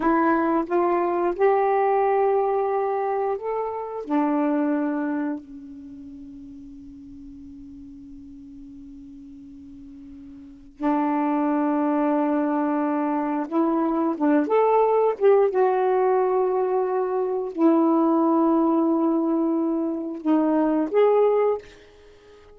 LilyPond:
\new Staff \with { instrumentName = "saxophone" } { \time 4/4 \tempo 4 = 89 e'4 f'4 g'2~ | g'4 a'4 d'2 | cis'1~ | cis'1 |
d'1 | e'4 d'8 a'4 g'8 fis'4~ | fis'2 e'2~ | e'2 dis'4 gis'4 | }